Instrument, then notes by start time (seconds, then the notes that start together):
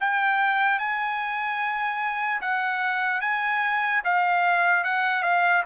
trumpet
0.00 G5
0.79 G#5
2.41 F#5
3.21 G#5
4.04 F5
4.84 F#5
5.23 F5